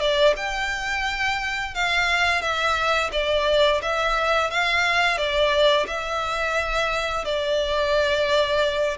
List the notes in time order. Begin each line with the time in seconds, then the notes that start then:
0.00 D5
0.37 G5
1.75 F5
2.42 E5
3.12 D5
3.82 E5
4.51 F5
5.18 D5
5.87 E5
7.25 D5